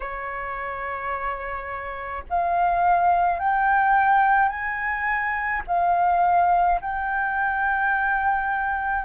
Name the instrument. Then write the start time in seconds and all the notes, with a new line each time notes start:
flute
0.00 C#5
2.29 F5
3.39 G5
4.49 G#5
5.67 F5
6.81 G5